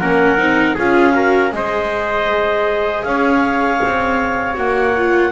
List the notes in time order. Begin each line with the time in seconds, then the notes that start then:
0.00 A#3 C#4 A#4 F#5
0.38 C4 D#4
0.75 C#4 F4 G#4 F5
1.13 F#4 A#4
1.52 G#3 G#4 C5 D#5
3.04 C#4 C#5 F5
3.84 C4
4.54 A#3 F#4 F#5
4.97 F4